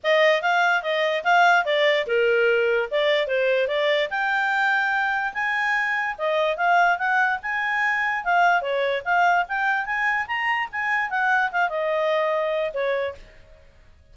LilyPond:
\new Staff \with { instrumentName = "clarinet" } { \time 4/4 \tempo 4 = 146 dis''4 f''4 dis''4 f''4 | d''4 ais'2 d''4 | c''4 d''4 g''2~ | g''4 gis''2 dis''4 |
f''4 fis''4 gis''2 | f''4 cis''4 f''4 g''4 | gis''4 ais''4 gis''4 fis''4 | f''8 dis''2~ dis''8 cis''4 | }